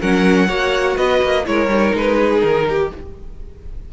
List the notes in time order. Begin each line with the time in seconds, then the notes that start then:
0.00 F#3 C#4 A#4 F#5
0.47 A#3 F#4 C#5
0.96 B3 B4 D#5
1.22 A#3
1.45 G#3 E4 A#4 C#5
1.68 G3 D#4
1.94 G#3 B4
2.17 G#4
2.41 D#3 A#4
2.69 G4